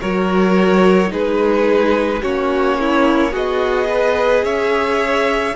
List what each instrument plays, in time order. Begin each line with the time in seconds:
0.00 cello F#3, viola F#4, violin A#4 C#5
1.08 cello G#3, viola D#4, violin G#4 B4
2.22 cello A#3, viola C#4, violin F#4 C#5
2.80 violin E4
3.32 cello B3, violin F#4 D#5, viola G#4
3.89 violin B4
4.44 cello C#4, violin C#5 E5